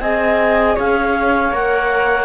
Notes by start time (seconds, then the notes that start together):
0.00 C4 G#4 D#5 G#5
0.75 C#4 C#5 F5
1.52 A#3 A#4 F#5